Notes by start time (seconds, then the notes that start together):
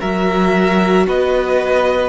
0.00 F#3 F#4 A#4 E5
1.07 B3 B4 D#5